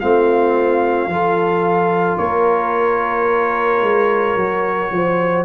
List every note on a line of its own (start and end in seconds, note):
0.00 1.07 A3
0.00 1.10 C4
0.00 1.10 F4
0.00 2.18 F5
1.07 2.17 F3
1.07 4.38 F4
1.07 2.20 A4
2.18 3.81 A#3
2.18 4.92 A#4
2.18 5.45 C#5
3.81 4.36 G#3
4.36 4.90 F#3
4.36 5.45 F#4
4.91 5.45 F3
4.91 5.45 C5